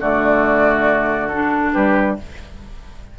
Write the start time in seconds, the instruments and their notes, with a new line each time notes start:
0.00 bassoon D3, clarinet A3, oboe F#4, flute D5
1.28 clarinet D4, flute A4
1.73 bassoon G3, oboe G4, flute B4